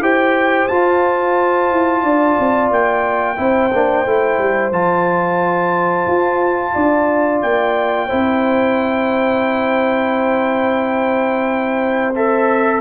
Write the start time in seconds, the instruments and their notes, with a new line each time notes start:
0.00 tuba E4, trombone G4, horn C5, trumpet G5
0.68 trombone F4, tuba F4, trumpet A5
1.71 tuba E4
2.03 tuba D4, horn D5
2.39 tuba C4
2.71 tuba A#3, trumpet G5
3.37 tuba C4, trombone E4, horn C5
3.73 tuba A#3, trombone D4
4.06 tuba A3, trombone E4
4.38 tuba G3
4.71 tuba F3, trombone F4, trumpet A5
6.07 tuba F4
6.74 tuba D4, horn D5
7.42 tuba A#3, trumpet G5
8.07 tuba C4, trombone E4, horn C5
12.15 trombone A4, trumpet E5